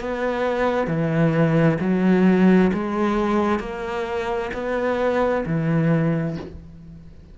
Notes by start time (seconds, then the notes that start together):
0.00 B3
0.87 E3
1.80 F#3
2.73 G#3
3.60 A#3
4.54 B3
5.46 E3